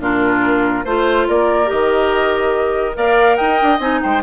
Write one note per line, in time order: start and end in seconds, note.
0.00 0.85 A#2
0.00 0.86 D4
0.00 0.85 F4
0.00 0.85 A#4
0.85 1.28 A3
0.85 1.66 F4
0.85 1.27 C5
0.85 1.28 C5
1.28 1.71 A#3
1.28 2.97 A#4
1.28 1.70 D5
1.66 2.97 D#3
1.66 2.92 G4
1.66 2.97 D#5
2.95 3.39 A#3
2.95 3.79 A#4
2.95 3.37 D5
2.95 3.37 F5
3.37 3.62 D#4
3.37 4.01 D#5
3.37 3.79 G5
3.62 3.80 D4
3.80 4.01 C4
3.80 4.23 D#4
3.80 4.02 G#5
4.02 4.23 G#3
4.02 4.23 C5
4.02 4.23 G5